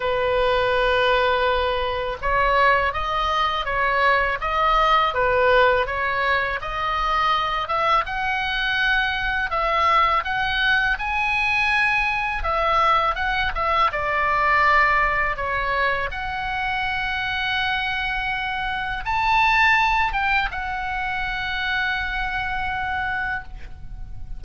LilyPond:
\new Staff \with { instrumentName = "oboe" } { \time 4/4 \tempo 4 = 82 b'2. cis''4 | dis''4 cis''4 dis''4 b'4 | cis''4 dis''4. e''8 fis''4~ | fis''4 e''4 fis''4 gis''4~ |
gis''4 e''4 fis''8 e''8 d''4~ | d''4 cis''4 fis''2~ | fis''2 a''4. g''8 | fis''1 | }